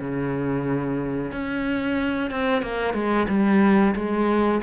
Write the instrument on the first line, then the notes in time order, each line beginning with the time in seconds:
cello
0.00 C#3
1.32 C#4
2.30 C4
2.62 A#3
2.94 G#3
3.28 G3
3.95 G#3